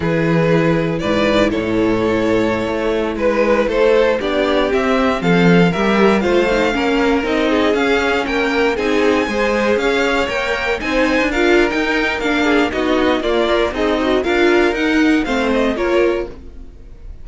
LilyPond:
<<
  \new Staff \with { instrumentName = "violin" } { \time 4/4 \tempo 4 = 118 b'2 d''4 cis''4~ | cis''2~ cis''16 b'4 c''8.~ | c''16 d''4 e''4 f''4 e''8.~ | e''16 f''2 dis''4 f''8.~ |
f''16 g''4 gis''2 f''8.~ | f''16 g''4 gis''4 f''8. g''4 | f''4 dis''4 d''4 dis''4 | f''4 fis''4 f''8 dis''8 cis''4 | }
  \new Staff \with { instrumentName = "violin" } { \time 4/4 gis'2 b'4 a'4~ | a'2~ a'16 b'4 a'8.~ | a'16 g'2 a'4 ais'8.~ | ais'16 c''4 ais'4. gis'4~ gis'16~ |
gis'16 ais'4 gis'4 c''4 cis''8.~ | cis''4~ cis''16 c''4 ais'4.~ ais'16~ | ais'8 gis'8 fis'4 f'4 dis'4 | ais'2 c''4 ais'4 | }
  \new Staff \with { instrumentName = "viola" } { \time 4/4 e'1~ | e'1~ | e'16 d'4 c'2 g'8.~ | g'16 f'8 dis'8 cis'4 dis'4 cis'8.~ |
cis'4~ cis'16 dis'4 gis'4.~ gis'16~ | gis'16 ais'4 dis'4 f'8. dis'4 | d'4 dis'4 ais8 ais'8 gis'8 fis'8 | f'4 dis'4 c'4 f'4 | }
  \new Staff \with { instrumentName = "cello" } { \time 4/4 e2 gis,4 a,4~ | a,4~ a,16 a4 gis4 a8.~ | a16 b4 c'4 f4 g8.~ | g16 a4 ais4 c'4 cis'8.~ |
cis'16 ais4 c'4 gis4 cis'8.~ | cis'16 ais4 c'8. d'4 dis'4 | ais4 b4 ais4 c'4 | d'4 dis'4 a4 ais4 | }
>>